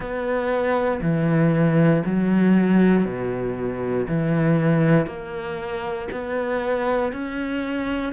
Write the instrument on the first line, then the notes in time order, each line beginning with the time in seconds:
cello
0.00 B3
1.01 E3
2.05 F#3
3.04 B2
4.07 E3
5.06 A#3
6.11 B3
7.12 C#4